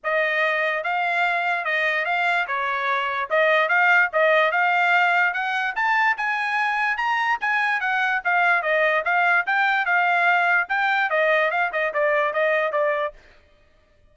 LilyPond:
\new Staff \with { instrumentName = "trumpet" } { \time 4/4 \tempo 4 = 146 dis''2 f''2 | dis''4 f''4 cis''2 | dis''4 f''4 dis''4 f''4~ | f''4 fis''4 a''4 gis''4~ |
gis''4 ais''4 gis''4 fis''4 | f''4 dis''4 f''4 g''4 | f''2 g''4 dis''4 | f''8 dis''8 d''4 dis''4 d''4 | }